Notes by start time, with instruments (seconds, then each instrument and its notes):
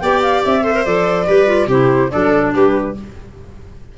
0.00 tuba B3, clarinet G4, viola D5, flute G5
0.22 flute F5
0.44 tuba C4, flute E5
0.62 clarinet A4, viola C5
0.74 clarinet A#4
0.85 tuba F3, clarinet A4, flute D5
1.27 tuba G3, clarinet G4, viola B4
1.46 clarinet F4
1.67 tuba C3, clarinet E4, viola G4, flute C5
2.11 tuba F#3, clarinet D4, viola A4, flute D5
2.54 tuba G3, viola G4, flute B4